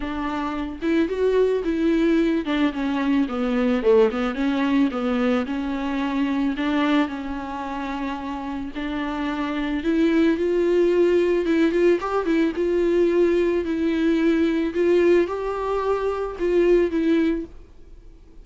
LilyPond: \new Staff \with { instrumentName = "viola" } { \time 4/4 \tempo 4 = 110 d'4. e'8 fis'4 e'4~ | e'8 d'8 cis'4 b4 a8 b8 | cis'4 b4 cis'2 | d'4 cis'2. |
d'2 e'4 f'4~ | f'4 e'8 f'8 g'8 e'8 f'4~ | f'4 e'2 f'4 | g'2 f'4 e'4 | }